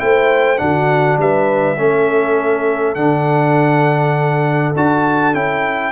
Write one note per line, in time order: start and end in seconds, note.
0.00 0.61 A3
0.00 0.57 E4
0.00 0.62 C5
0.00 0.59 G5
0.57 1.18 D3
0.57 1.76 D4
0.57 1.20 F#4
0.57 1.18 F#5
1.18 1.77 G3
1.18 1.79 B4
1.18 2.95 E5
1.78 2.96 A3
1.78 2.97 C#4
1.78 5.92 A4
2.95 4.74 D3
2.95 4.75 D4
2.95 4.73 F#5
4.76 5.34 D4
4.76 5.34 F#4
4.76 5.35 A5
5.34 5.92 C#4
5.34 5.92 E4
5.34 5.92 G5